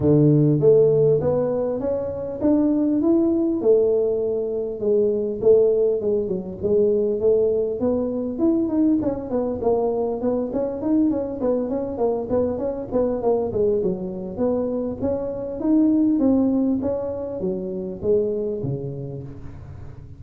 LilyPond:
\new Staff \with { instrumentName = "tuba" } { \time 4/4 \tempo 4 = 100 d4 a4 b4 cis'4 | d'4 e'4 a2 | gis4 a4 gis8 fis8 gis4 | a4 b4 e'8 dis'8 cis'8 b8 |
ais4 b8 cis'8 dis'8 cis'8 b8 cis'8 | ais8 b8 cis'8 b8 ais8 gis8 fis4 | b4 cis'4 dis'4 c'4 | cis'4 fis4 gis4 cis4 | }